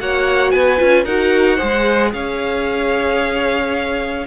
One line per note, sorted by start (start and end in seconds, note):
0.00 0.53 A#3
0.00 0.78 F#4
0.00 0.53 C#5
0.00 0.51 F#5
0.51 0.80 B3
0.51 1.05 B4
0.51 1.05 G#5
0.78 1.05 C#4
0.78 1.04 F4
1.05 1.59 D#4
1.05 1.58 F#4
1.05 1.56 A#4
1.05 2.12 F#5
1.56 4.26 G#4
1.56 2.10 C5
1.62 2.13 G#3
2.13 4.26 C#4
2.13 4.26 C#5
2.13 4.26 F5